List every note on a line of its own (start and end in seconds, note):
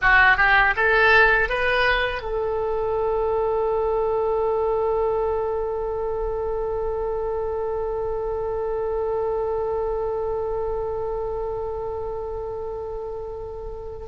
0.01 0.37 F#4
0.37 0.74 G4
0.76 1.49 A4
1.49 2.22 B4
2.22 14.07 A4